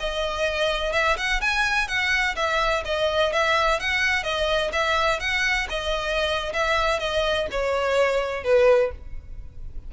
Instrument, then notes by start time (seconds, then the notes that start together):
violin
0.00 D#5
0.93 E5
1.17 F#5
1.41 G#5
1.88 F#5
2.36 E5
2.85 D#5
3.33 E5
3.80 F#5
4.24 D#5
4.73 E5
5.20 F#5
5.69 D#5
6.53 E5
7.00 D#5
7.51 C#5
8.44 B4